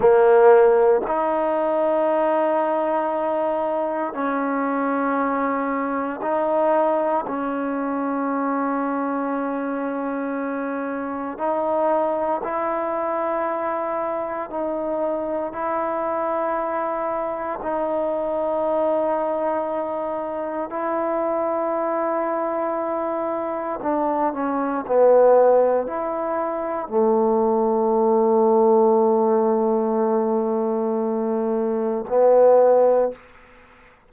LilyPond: \new Staff \with { instrumentName = "trombone" } { \time 4/4 \tempo 4 = 58 ais4 dis'2. | cis'2 dis'4 cis'4~ | cis'2. dis'4 | e'2 dis'4 e'4~ |
e'4 dis'2. | e'2. d'8 cis'8 | b4 e'4 a2~ | a2. b4 | }